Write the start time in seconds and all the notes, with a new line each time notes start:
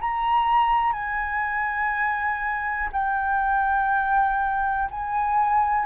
0.00 A#5
0.93 G#5
2.92 G5
4.90 G#5